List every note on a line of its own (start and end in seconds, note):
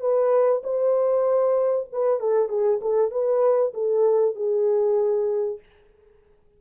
0.00 0.62 B4
0.63 1.87 C5
1.92 2.19 B4
2.19 2.48 A4
2.48 2.79 G#4
2.81 3.11 A4
3.11 3.73 B4
3.74 4.35 A4
4.35 5.59 G#4